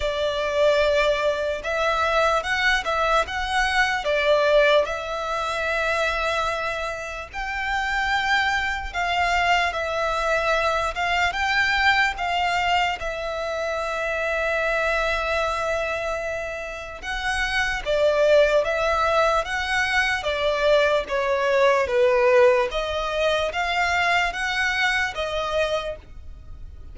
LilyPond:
\new Staff \with { instrumentName = "violin" } { \time 4/4 \tempo 4 = 74 d''2 e''4 fis''8 e''8 | fis''4 d''4 e''2~ | e''4 g''2 f''4 | e''4. f''8 g''4 f''4 |
e''1~ | e''4 fis''4 d''4 e''4 | fis''4 d''4 cis''4 b'4 | dis''4 f''4 fis''4 dis''4 | }